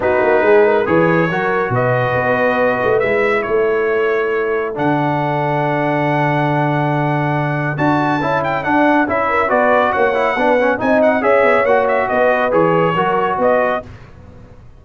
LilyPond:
<<
  \new Staff \with { instrumentName = "trumpet" } { \time 4/4 \tempo 4 = 139 b'2 cis''2 | dis''2. e''4 | cis''2. fis''4~ | fis''1~ |
fis''2 a''4. g''8 | fis''4 e''4 d''4 fis''4~ | fis''4 gis''8 fis''8 e''4 fis''8 e''8 | dis''4 cis''2 dis''4 | }
  \new Staff \with { instrumentName = "horn" } { \time 4/4 fis'4 gis'8 ais'8 b'4 ais'4 | b'1 | a'1~ | a'1~ |
a'1~ | a'4. ais'8 b'4 cis''4 | b'4 dis''4 cis''2 | b'2 ais'4 b'4 | }
  \new Staff \with { instrumentName = "trombone" } { \time 4/4 dis'2 gis'4 fis'4~ | fis'2. e'4~ | e'2. d'4~ | d'1~ |
d'2 fis'4 e'4 | d'4 e'4 fis'4. e'8 | d'8 cis'8 dis'4 gis'4 fis'4~ | fis'4 gis'4 fis'2 | }
  \new Staff \with { instrumentName = "tuba" } { \time 4/4 b8 ais8 gis4 e4 fis4 | b,4 b4. a8 gis4 | a2. d4~ | d1~ |
d2 d'4 cis'4 | d'4 cis'4 b4 ais4 | b4 c'4 cis'8 b8 ais4 | b4 e4 fis4 b4 | }
>>